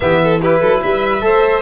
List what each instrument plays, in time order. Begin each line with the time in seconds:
0.00 tuba E3, trombone B3, violin G4 E5
0.23 violin A4
0.41 trombone E4, violin G4 B4
0.60 tuba F#3, violin A4
0.82 tuba G3, violin B4 E5
1.20 tuba A3, trombone A4, violin C5